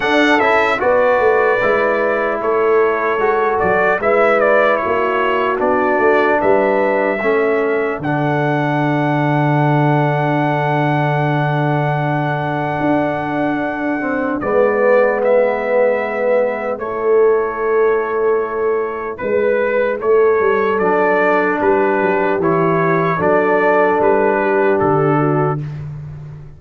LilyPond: <<
  \new Staff \with { instrumentName = "trumpet" } { \time 4/4 \tempo 4 = 75 fis''8 e''8 d''2 cis''4~ | cis''8 d''8 e''8 d''8 cis''4 d''4 | e''2 fis''2~ | fis''1~ |
fis''2 d''4 e''4~ | e''4 cis''2. | b'4 cis''4 d''4 b'4 | cis''4 d''4 b'4 a'4 | }
  \new Staff \with { instrumentName = "horn" } { \time 4/4 a'4 b'2 a'4~ | a'4 b'4 fis'2 | b'4 a'2.~ | a'1~ |
a'2 b'2~ | b'4 a'2. | b'4 a'2 g'4~ | g'4 a'4. g'4 fis'8 | }
  \new Staff \with { instrumentName = "trombone" } { \time 4/4 d'8 e'8 fis'4 e'2 | fis'4 e'2 d'4~ | d'4 cis'4 d'2~ | d'1~ |
d'4. c'8 b2~ | b4 e'2.~ | e'2 d'2 | e'4 d'2. | }
  \new Staff \with { instrumentName = "tuba" } { \time 4/4 d'8 cis'8 b8 a8 gis4 a4 | gis8 fis8 gis4 ais4 b8 a8 | g4 a4 d2~ | d1 |
d'2 gis2~ | gis4 a2. | gis4 a8 g8 fis4 g8 fis8 | e4 fis4 g4 d4 | }
>>